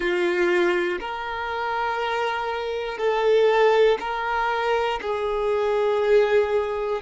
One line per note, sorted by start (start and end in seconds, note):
0.00 0.98 F4
1.00 2.98 A#4
2.98 3.98 A4
4.00 5.00 A#4
5.01 7.01 G#4